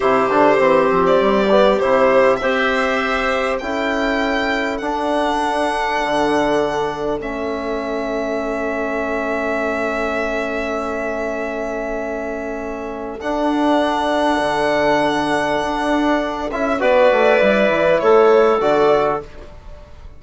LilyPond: <<
  \new Staff \with { instrumentName = "violin" } { \time 4/4 \tempo 4 = 100 c''4.~ c''16 d''4~ d''16 c''4 | e''2 g''2 | fis''1 | e''1~ |
e''1~ | e''2 fis''2~ | fis''2.~ fis''8 e''8 | d''2 cis''4 d''4 | }
  \new Staff \with { instrumentName = "clarinet" } { \time 4/4 g'1 | c''2 a'2~ | a'1~ | a'1~ |
a'1~ | a'1~ | a'1 | b'2 a'2 | }
  \new Staff \with { instrumentName = "trombone" } { \time 4/4 e'8 d'8 c'4. b8 e'4 | g'2 e'2 | d'1 | cis'1~ |
cis'1~ | cis'2 d'2~ | d'2.~ d'8 e'8 | fis'4 e'2 fis'4 | }
  \new Staff \with { instrumentName = "bassoon" } { \time 4/4 c8 d8 e8 f8 g4 c4 | c'2 cis'2 | d'2 d2 | a1~ |
a1~ | a2 d'2 | d2 d'4. cis'8 | b8 a8 g8 e8 a4 d4 | }
>>